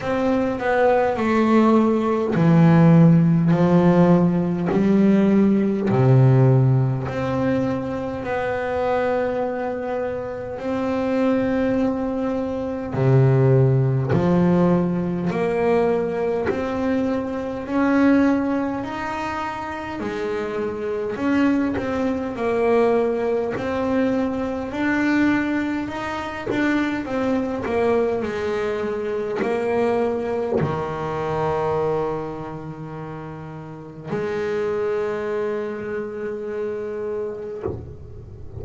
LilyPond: \new Staff \with { instrumentName = "double bass" } { \time 4/4 \tempo 4 = 51 c'8 b8 a4 e4 f4 | g4 c4 c'4 b4~ | b4 c'2 c4 | f4 ais4 c'4 cis'4 |
dis'4 gis4 cis'8 c'8 ais4 | c'4 d'4 dis'8 d'8 c'8 ais8 | gis4 ais4 dis2~ | dis4 gis2. | }